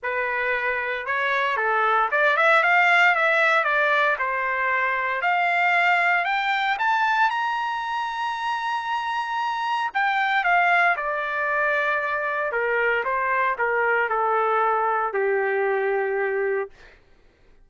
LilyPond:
\new Staff \with { instrumentName = "trumpet" } { \time 4/4 \tempo 4 = 115 b'2 cis''4 a'4 | d''8 e''8 f''4 e''4 d''4 | c''2 f''2 | g''4 a''4 ais''2~ |
ais''2. g''4 | f''4 d''2. | ais'4 c''4 ais'4 a'4~ | a'4 g'2. | }